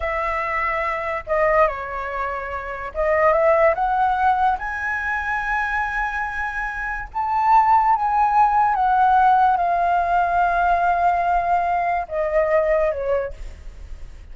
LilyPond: \new Staff \with { instrumentName = "flute" } { \time 4/4 \tempo 4 = 144 e''2. dis''4 | cis''2. dis''4 | e''4 fis''2 gis''4~ | gis''1~ |
gis''4 a''2 gis''4~ | gis''4 fis''2 f''4~ | f''1~ | f''4 dis''2 cis''4 | }